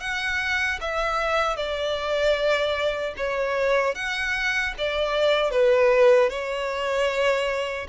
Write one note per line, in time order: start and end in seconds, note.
0.00 0.79 F#5
0.81 1.56 E5
1.56 3.14 D5
3.17 3.95 C#5
3.95 4.74 F#5
4.78 5.51 D5
5.51 6.29 B4
6.29 7.87 C#5